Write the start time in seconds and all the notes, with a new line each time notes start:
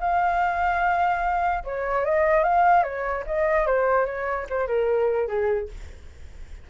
0.00 F5
1.63 C#5
2.05 D#5
2.43 F5
2.83 C#5
3.26 D#5
3.66 C5
4.05 C#5
4.49 C5
4.67 A#4
5.27 G#4